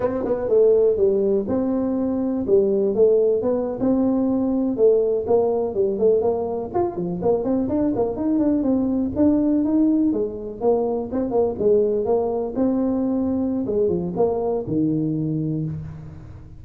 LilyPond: \new Staff \with { instrumentName = "tuba" } { \time 4/4 \tempo 4 = 123 c'8 b8 a4 g4 c'4~ | c'4 g4 a4 b8. c'16~ | c'4.~ c'16 a4 ais4 g16~ | g16 a8 ais4 f'8 f8 ais8 c'8 d'16~ |
d'16 ais8 dis'8 d'8 c'4 d'4 dis'16~ | dis'8. gis4 ais4 c'8 ais8 gis16~ | gis8. ais4 c'2~ c'16 | gis8 f8 ais4 dis2 | }